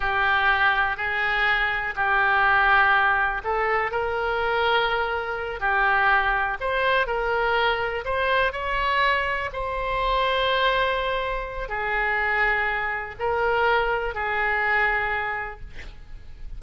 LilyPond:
\new Staff \with { instrumentName = "oboe" } { \time 4/4 \tempo 4 = 123 g'2 gis'2 | g'2. a'4 | ais'2.~ ais'8 g'8~ | g'4. c''4 ais'4.~ |
ais'8 c''4 cis''2 c''8~ | c''1 | gis'2. ais'4~ | ais'4 gis'2. | }